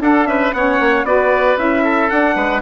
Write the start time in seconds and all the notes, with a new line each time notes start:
0.00 D4 A4 F#5
0.25 C#4 B4 E5
0.53 B3 C#4 C#5 F#5
0.79 A#3
1.03 B3 F#4 B4 D5
1.56 C#4 E4 E5
1.83 A4
2.09 D4 F#5
2.35 G#3 B4